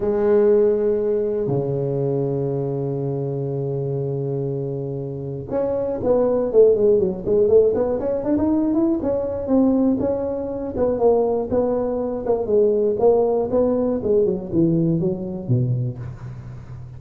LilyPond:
\new Staff \with { instrumentName = "tuba" } { \time 4/4 \tempo 4 = 120 gis2. cis4~ | cis1~ | cis2. cis'4 | b4 a8 gis8 fis8 gis8 a8 b8 |
cis'8 d'16 dis'8. e'8 cis'4 c'4 | cis'4. b8 ais4 b4~ | b8 ais8 gis4 ais4 b4 | gis8 fis8 e4 fis4 b,4 | }